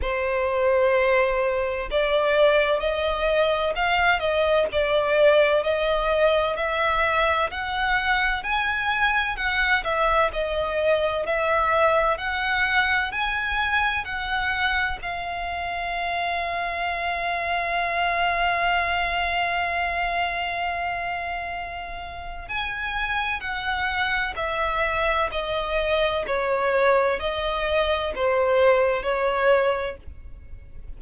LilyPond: \new Staff \with { instrumentName = "violin" } { \time 4/4 \tempo 4 = 64 c''2 d''4 dis''4 | f''8 dis''8 d''4 dis''4 e''4 | fis''4 gis''4 fis''8 e''8 dis''4 | e''4 fis''4 gis''4 fis''4 |
f''1~ | f''1 | gis''4 fis''4 e''4 dis''4 | cis''4 dis''4 c''4 cis''4 | }